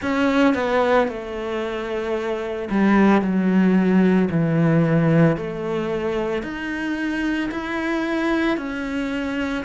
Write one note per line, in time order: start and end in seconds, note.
0.01 0.54 C#4
0.54 1.08 B3
1.08 2.68 A3
2.70 3.21 G3
3.21 4.29 F#3
4.30 5.36 E3
5.36 6.42 A3
6.42 7.50 D#4
7.51 8.57 E4
8.57 9.64 C#4